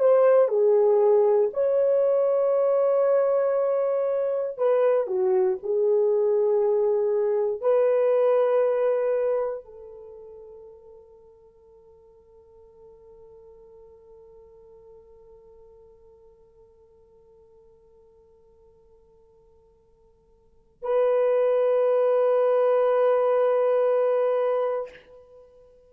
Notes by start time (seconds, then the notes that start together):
0.00 C5
0.49 G#4
1.54 C#5
4.58 B4
5.08 F#4
5.63 G#4
7.61 B4
9.65 A4
20.83 B4